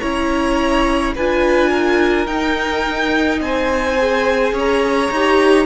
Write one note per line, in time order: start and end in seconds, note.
0.00 1.16 C#4
0.00 1.15 E4
0.00 1.14 C#5
0.00 1.13 A#5
1.15 2.27 D4
1.15 2.27 F4
1.15 1.70 B4
1.15 2.27 G#5
1.70 3.40 A#4
2.27 3.97 D#4
2.27 3.40 D#4
2.27 3.40 G5
3.40 4.53 C4
3.40 4.54 C5
3.40 4.55 G#5
3.98 5.12 G#4
4.53 5.09 C#4
4.53 5.66 C#5
4.59 5.66 A#5
5.11 5.66 D#4
5.11 5.66 G4